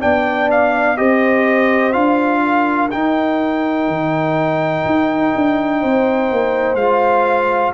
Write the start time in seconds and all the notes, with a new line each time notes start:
0.00 B3 D4 D5 G5
0.51 F5
0.97 C4 G4 C5 D#5
1.93 D4 F4 F5
2.43 A#4
2.90 D#4 G5
3.88 D#3
4.86 D#4
5.35 D4
5.81 C4 C5
6.31 A#3
6.75 G#3 F4 F5